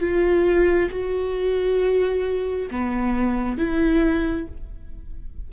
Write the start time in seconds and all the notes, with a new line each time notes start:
0.00 F4
0.90 F#4
2.71 B3
3.58 E4